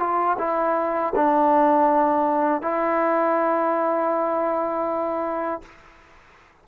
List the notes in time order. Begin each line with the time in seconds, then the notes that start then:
0.00 F4
0.39 E4
1.16 D4
2.62 E4